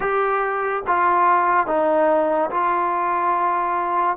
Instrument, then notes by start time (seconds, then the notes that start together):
trombone
0.00 G4
0.87 F4
1.66 D#4
2.50 F4